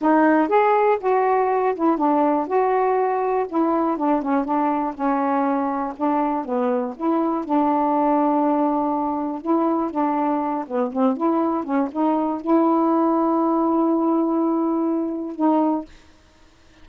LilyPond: \new Staff \with { instrumentName = "saxophone" } { \time 4/4 \tempo 4 = 121 dis'4 gis'4 fis'4. e'8 | d'4 fis'2 e'4 | d'8 cis'8 d'4 cis'2 | d'4 b4 e'4 d'4~ |
d'2. e'4 | d'4. b8 c'8 e'4 cis'8 | dis'4 e'2.~ | e'2. dis'4 | }